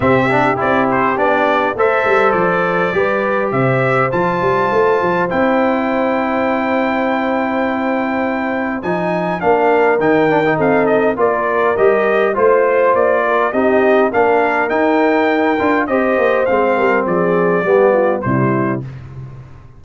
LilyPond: <<
  \new Staff \with { instrumentName = "trumpet" } { \time 4/4 \tempo 4 = 102 e''4 d''8 c''8 d''4 e''4 | d''2 e''4 a''4~ | a''4 g''2.~ | g''2. gis''4 |
f''4 g''4 f''8 dis''8 d''4 | dis''4 c''4 d''4 dis''4 | f''4 g''2 dis''4 | f''4 d''2 c''4 | }
  \new Staff \with { instrumentName = "horn" } { \time 4/4 g'2. c''4~ | c''4 b'4 c''2~ | c''1~ | c''1 |
ais'2 a'4 ais'4~ | ais'4 c''4. ais'8 g'4 | ais'2. c''4~ | c''8 ais'8 gis'4 g'8 f'8 e'4 | }
  \new Staff \with { instrumentName = "trombone" } { \time 4/4 c'8 d'8 e'4 d'4 a'4~ | a'4 g'2 f'4~ | f'4 e'2.~ | e'2. dis'4 |
d'4 dis'8 d'16 dis'4~ dis'16 f'4 | g'4 f'2 dis'4 | d'4 dis'4. f'8 g'4 | c'2 b4 g4 | }
  \new Staff \with { instrumentName = "tuba" } { \time 4/4 c4 c'4 b4 a8 g8 | f4 g4 c4 f8 g8 | a8 f8 c'2.~ | c'2. f4 |
ais4 dis4 c'4 ais4 | g4 a4 ais4 c'4 | ais4 dis'4. d'8 c'8 ais8 | gis8 g8 f4 g4 c4 | }
>>